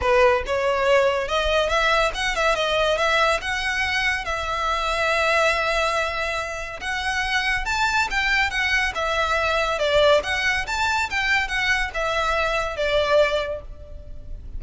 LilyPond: \new Staff \with { instrumentName = "violin" } { \time 4/4 \tempo 4 = 141 b'4 cis''2 dis''4 | e''4 fis''8 e''8 dis''4 e''4 | fis''2 e''2~ | e''1 |
fis''2 a''4 g''4 | fis''4 e''2 d''4 | fis''4 a''4 g''4 fis''4 | e''2 d''2 | }